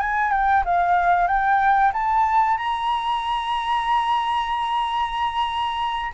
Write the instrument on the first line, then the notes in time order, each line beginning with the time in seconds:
flute
0.00 G#5
0.31 G5
0.65 F5
1.27 G5
1.93 A5
2.58 A#5